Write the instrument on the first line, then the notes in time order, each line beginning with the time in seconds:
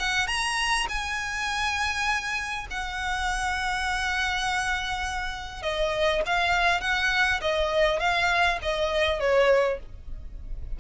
violin
0.00 F#5
0.28 A#5
0.89 G#5
2.71 F#5
5.63 D#5
6.26 F5
6.81 F#5
7.42 D#5
8.00 F5
8.63 D#5
9.21 C#5